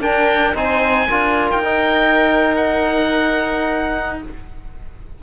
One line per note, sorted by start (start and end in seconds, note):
0.00 0.54 D4
0.00 0.56 A#4
0.00 0.56 G5
0.54 1.08 C4
0.54 1.08 D#4
0.54 1.09 C5
0.54 1.51 G#5
1.09 1.51 D4
1.09 1.64 F4
1.09 4.20 A#4
1.51 4.22 D#4
1.51 2.56 G5
1.64 4.21 D#4
2.56 4.18 F#5